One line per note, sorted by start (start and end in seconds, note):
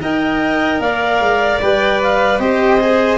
0.00 0.79 D#4
0.00 1.60 A#4
0.00 0.81 D#5
0.00 0.81 G5
0.79 1.19 A#3
0.79 2.40 D5
0.79 1.61 F5
1.19 1.59 G#3
1.61 2.38 G3
1.61 2.39 B4
1.61 2.01 G5
2.02 2.39 F5
2.38 3.17 C4
2.38 2.79 G4
2.38 3.17 C5
2.38 3.17 D#5
2.80 3.17 G#4